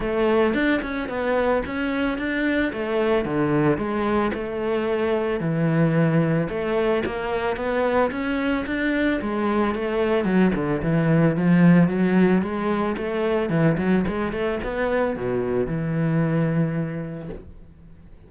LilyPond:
\new Staff \with { instrumentName = "cello" } { \time 4/4 \tempo 4 = 111 a4 d'8 cis'8 b4 cis'4 | d'4 a4 d4 gis4 | a2 e2 | a4 ais4 b4 cis'4 |
d'4 gis4 a4 fis8 d8 | e4 f4 fis4 gis4 | a4 e8 fis8 gis8 a8 b4 | b,4 e2. | }